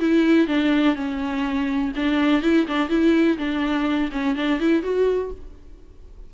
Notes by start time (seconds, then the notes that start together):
0.00 E4
0.48 D4
0.95 C#4
1.96 D4
2.42 E4
2.67 D4
2.89 E4
3.38 D4
4.12 C#4
4.36 D4
4.60 E4
4.83 F#4